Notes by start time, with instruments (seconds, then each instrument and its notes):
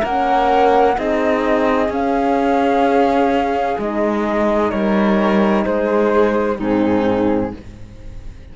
0.00 cello A#3, horn C#4, violin A#4, flute F#5
0.95 cello C4, horn D#4, violin G#4, flute D#5
1.89 cello C#4, horn C#4, flute F5
3.78 cello G#3, horn D#4, flute D#5
4.71 cello G3, violin A#4, flute C#5
5.65 cello G#3, violin G#4, flute C5
6.58 cello G#2, horn C4, violin D#4, flute G#4